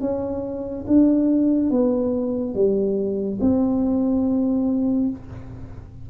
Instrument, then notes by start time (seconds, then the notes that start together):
tuba
0.00 C#4
0.87 D4
1.70 B3
2.54 G3
3.40 C4